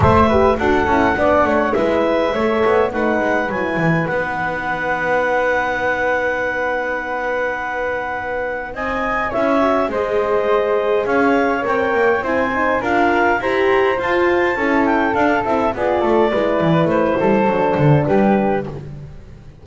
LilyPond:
<<
  \new Staff \with { instrumentName = "clarinet" } { \time 4/4 \tempo 4 = 103 e''4 fis''2 e''4~ | e''4 fis''4 gis''4 fis''4~ | fis''1~ | fis''2. gis''4 |
e''4 dis''2 f''4 | g''4 gis''4 f''4 ais''4 | a''4. g''8 f''8 e''8 d''4~ | d''4 c''2 b'4 | }
  \new Staff \with { instrumentName = "flute" } { \time 4/4 c''8 b'8 a'4 d''8 cis''8 b'4 | cis''4 b'2.~ | b'1~ | b'2. dis''4 |
cis''4 c''2 cis''4~ | cis''4 c''4 ais'4 c''4~ | c''4 a'2 gis'8 a'8 | b'4. a'4. g'4 | }
  \new Staff \with { instrumentName = "horn" } { \time 4/4 a'8 g'8 fis'8 e'8 d'4 e'4 | a'4 dis'4 e'4 dis'4~ | dis'1~ | dis'1 |
e'8 fis'8 gis'2. | ais'4 e'8 dis'8 f'4 g'4 | f'4 e'4 d'8 e'8 f'4 | e'2 d'2 | }
  \new Staff \with { instrumentName = "double bass" } { \time 4/4 a4 d'8 cis'8 b8 a8 gis4 | a8 b8 a8 gis8 fis8 e8 b4~ | b1~ | b2. c'4 |
cis'4 gis2 cis'4 | c'8 ais8 c'4 d'4 e'4 | f'4 cis'4 d'8 c'8 b8 a8 | gis8 e8 a8 g8 fis8 d8 g4 | }
>>